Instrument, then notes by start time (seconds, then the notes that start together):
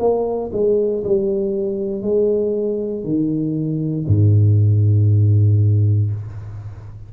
tuba
0.00 A#3
0.53 G#3
1.04 G3
2.02 G#3
3.05 D#3
4.08 G#2